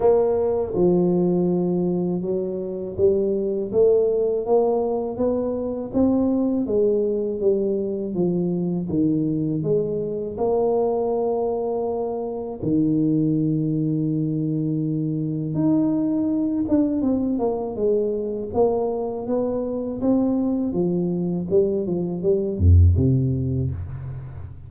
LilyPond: \new Staff \with { instrumentName = "tuba" } { \time 4/4 \tempo 4 = 81 ais4 f2 fis4 | g4 a4 ais4 b4 | c'4 gis4 g4 f4 | dis4 gis4 ais2~ |
ais4 dis2.~ | dis4 dis'4. d'8 c'8 ais8 | gis4 ais4 b4 c'4 | f4 g8 f8 g8 f,8 c4 | }